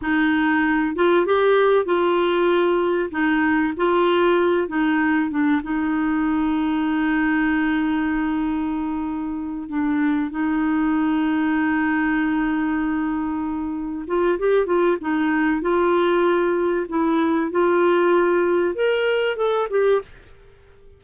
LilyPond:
\new Staff \with { instrumentName = "clarinet" } { \time 4/4 \tempo 4 = 96 dis'4. f'8 g'4 f'4~ | f'4 dis'4 f'4. dis'8~ | dis'8 d'8 dis'2.~ | dis'2.~ dis'8 d'8~ |
d'8 dis'2.~ dis'8~ | dis'2~ dis'8 f'8 g'8 f'8 | dis'4 f'2 e'4 | f'2 ais'4 a'8 g'8 | }